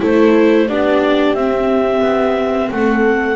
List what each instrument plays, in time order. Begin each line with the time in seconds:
0.00 double bass A3, viola E4, horn A4, clarinet C5
0.69 double bass B3, viola D4, horn G4, clarinet D5
1.34 double bass C4, viola C4, clarinet E5
2.02 double bass B3
2.71 double bass A3, horn A4, clarinet F#5